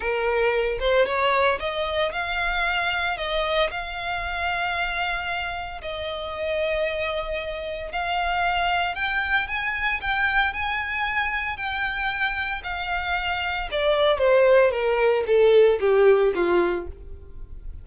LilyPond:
\new Staff \with { instrumentName = "violin" } { \time 4/4 \tempo 4 = 114 ais'4. c''8 cis''4 dis''4 | f''2 dis''4 f''4~ | f''2. dis''4~ | dis''2. f''4~ |
f''4 g''4 gis''4 g''4 | gis''2 g''2 | f''2 d''4 c''4 | ais'4 a'4 g'4 f'4 | }